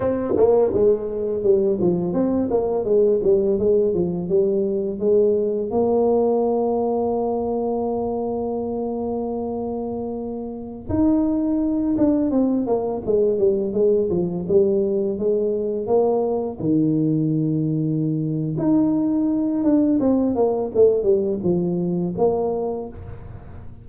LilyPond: \new Staff \with { instrumentName = "tuba" } { \time 4/4 \tempo 4 = 84 c'8 ais8 gis4 g8 f8 c'8 ais8 | gis8 g8 gis8 f8 g4 gis4 | ais1~ | ais2.~ ais16 dis'8.~ |
dis'8. d'8 c'8 ais8 gis8 g8 gis8 f16~ | f16 g4 gis4 ais4 dis8.~ | dis2 dis'4. d'8 | c'8 ais8 a8 g8 f4 ais4 | }